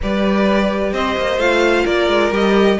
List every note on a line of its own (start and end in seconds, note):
0.02 0.92 G3
0.02 1.39 G4
0.02 0.93 B4
0.02 0.93 D5
0.92 1.16 C4
0.92 1.84 C5
0.92 1.39 D#5
1.17 1.37 A#3
1.37 1.84 A3
1.37 2.32 F4
1.37 1.85 F5
1.84 2.08 A#3
1.84 2.77 A#4
1.84 2.32 D5
2.08 2.31 G#3
2.31 2.77 G3
2.31 2.78 G4
2.31 2.79 D#5